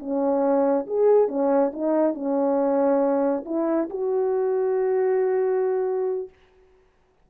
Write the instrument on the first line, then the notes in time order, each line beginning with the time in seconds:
horn
0.00 C#4
0.87 G#4
1.29 C#4
1.73 D#4
2.15 C#4
3.46 E4
3.90 F#4